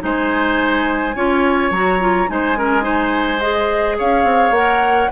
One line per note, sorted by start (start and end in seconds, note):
0.00 1.15 G#3
0.00 1.13 D#4
0.00 1.16 C5
0.00 1.73 G#5
1.15 1.71 C#4
1.15 1.73 F4
1.15 2.29 C#5
1.71 2.27 F#3
1.71 2.00 F#4
1.71 2.30 A#5
2.00 2.28 F4
2.28 4.00 G#3
2.28 2.56 D#4
2.28 2.58 C5
2.28 3.40 G#5
2.58 2.82 C#4
2.58 2.84 A#4
2.82 3.38 D#4
2.82 3.97 C5
3.40 4.55 G#4
3.40 3.97 D#5
3.98 4.24 C#4
3.98 5.11 C#5
3.98 4.54 F5
4.24 4.51 C4
4.51 5.08 A#3
4.51 5.12 A#4
4.51 5.11 F#5